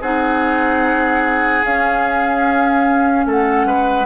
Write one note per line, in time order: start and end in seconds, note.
0.00 1.62 C4
0.00 1.63 D#4
0.00 3.25 G#4
0.00 1.64 F#5
1.63 4.05 C#4
1.63 3.25 C#4
1.63 3.26 F5
3.25 3.65 A3
3.25 3.66 A4
3.25 4.05 F#5
3.65 4.05 G#3
3.65 4.05 B4